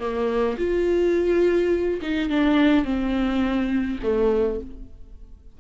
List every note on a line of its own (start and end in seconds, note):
0.00 0.57 A#3
0.58 2.01 F4
2.02 2.30 D#4
2.30 2.85 D4
2.85 3.99 C4
4.03 4.60 A3